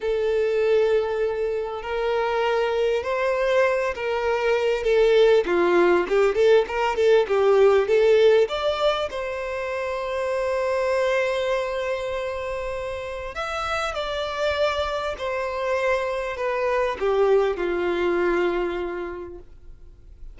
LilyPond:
\new Staff \with { instrumentName = "violin" } { \time 4/4 \tempo 4 = 99 a'2. ais'4~ | ais'4 c''4. ais'4. | a'4 f'4 g'8 a'8 ais'8 a'8 | g'4 a'4 d''4 c''4~ |
c''1~ | c''2 e''4 d''4~ | d''4 c''2 b'4 | g'4 f'2. | }